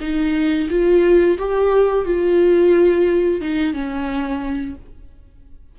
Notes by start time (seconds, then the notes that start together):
0.00 D#4
0.69 F4
1.38 G4
2.05 F4
3.41 D#4
3.73 C#4